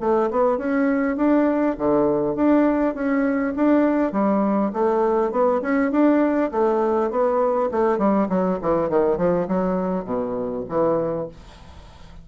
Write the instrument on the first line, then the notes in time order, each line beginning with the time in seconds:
bassoon
0.00 A3
0.30 B3
0.57 C#4
1.16 D4
1.77 D3
2.35 D4
2.94 C#4
3.56 D4
4.12 G3
4.73 A3
5.31 B3
5.61 C#4
5.91 D4
6.51 A3
7.10 B3
7.71 A3
7.98 G3
8.29 F#3
8.61 E3
8.89 D#3
9.17 F3
9.47 F#3
10.04 B2
10.68 E3